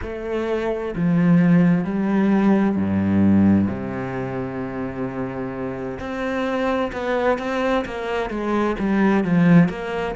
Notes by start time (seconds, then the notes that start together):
0.02 A3
0.95 F3
1.84 G3
2.76 G2
3.68 C3
5.99 C4
6.92 B3
7.38 C4
7.85 A#3
8.30 G#3
8.79 G3
9.23 F3
9.68 A#3